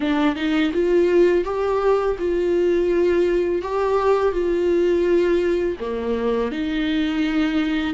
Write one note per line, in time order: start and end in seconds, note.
0.00 0.35 D4
0.35 0.72 D#4
0.73 1.44 F4
1.44 2.16 G4
2.18 3.61 F4
3.61 4.32 G4
4.32 5.76 F4
5.80 6.51 A#3
6.51 7.94 D#4